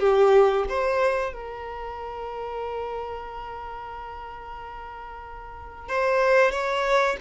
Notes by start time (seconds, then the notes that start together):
0.00 G4
0.69 C5
1.33 A#4
5.89 C5
6.52 C#5